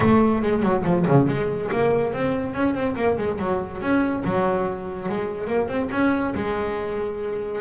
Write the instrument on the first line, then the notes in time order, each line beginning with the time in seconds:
double bass
0.00 A3
0.41 G#3
0.62 F#3
0.84 F3
1.07 C#3
1.27 G#3
1.71 A#3
2.13 C4
2.54 C#4
2.74 C4
2.96 A#3
3.17 G#3
3.38 F#3
3.81 C#4
4.24 F#3
5.08 G#3
5.47 A#3
5.68 C4
5.91 C#4
6.34 G#3